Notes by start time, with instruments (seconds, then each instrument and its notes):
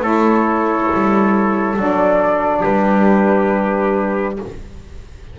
0.00 double bass A3, saxophone E4, trumpet A4, flute C#5
0.94 double bass G3
1.76 double bass F#3, saxophone D4, flute D5
2.61 double bass G3, trumpet G4, flute B4